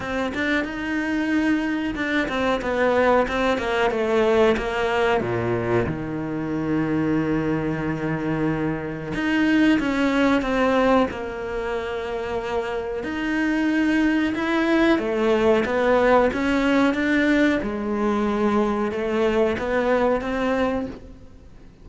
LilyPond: \new Staff \with { instrumentName = "cello" } { \time 4/4 \tempo 4 = 92 c'8 d'8 dis'2 d'8 c'8 | b4 c'8 ais8 a4 ais4 | ais,4 dis2.~ | dis2 dis'4 cis'4 |
c'4 ais2. | dis'2 e'4 a4 | b4 cis'4 d'4 gis4~ | gis4 a4 b4 c'4 | }